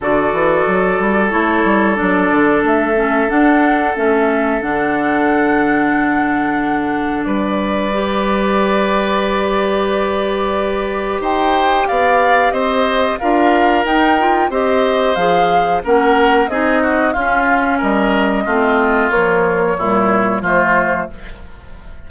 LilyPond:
<<
  \new Staff \with { instrumentName = "flute" } { \time 4/4 \tempo 4 = 91 d''2 cis''4 d''4 | e''4 fis''4 e''4 fis''4~ | fis''2. d''4~ | d''1~ |
d''4 g''4 f''4 dis''4 | f''4 g''4 dis''4 f''4 | fis''4 dis''4 f''4 dis''4~ | dis''4 cis''2 c''4 | }
  \new Staff \with { instrumentName = "oboe" } { \time 4/4 a'1~ | a'1~ | a'2. b'4~ | b'1~ |
b'4 c''4 d''4 c''4 | ais'2 c''2 | ais'4 gis'8 fis'8 f'4 ais'4 | f'2 e'4 f'4 | }
  \new Staff \with { instrumentName = "clarinet" } { \time 4/4 fis'2 e'4 d'4~ | d'8 cis'8 d'4 cis'4 d'4~ | d'1 | g'1~ |
g'1 | f'4 dis'8 f'8 g'4 gis'4 | cis'4 dis'4 cis'2 | c'4 f4 g4 a4 | }
  \new Staff \with { instrumentName = "bassoon" } { \time 4/4 d8 e8 fis8 g8 a8 g8 fis8 d8 | a4 d'4 a4 d4~ | d2. g4~ | g1~ |
g4 dis'4 b4 c'4 | d'4 dis'4 c'4 f4 | ais4 c'4 cis'4 g4 | a4 ais4 ais,4 f4 | }
>>